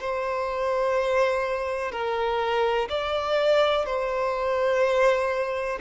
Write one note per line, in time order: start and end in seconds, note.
0.00 1.91 C5
1.91 2.88 A#4
2.89 3.85 D5
3.85 5.79 C5